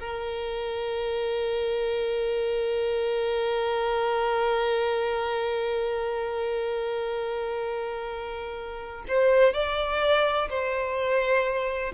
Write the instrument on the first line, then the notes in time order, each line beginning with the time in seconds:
violin
0.00 A#4
9.08 C5
9.54 D5
10.49 C5